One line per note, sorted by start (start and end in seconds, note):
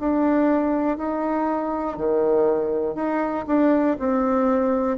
0.00 0.97 D4
0.97 1.97 D#4
1.97 2.95 D#3
2.95 3.45 D#4
3.47 3.97 D4
3.99 4.97 C4